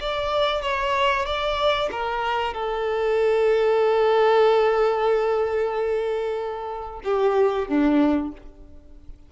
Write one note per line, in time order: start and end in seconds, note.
0.00 0.62 D5
0.62 1.26 C#5
1.26 1.89 D5
1.91 2.54 A#4
2.54 7.01 A4
7.04 7.68 G4
7.68 8.32 D4